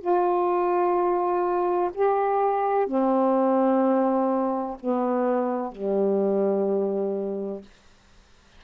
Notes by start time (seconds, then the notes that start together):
0.00 F4
1.94 G4
2.87 C4
4.80 B3
5.71 G3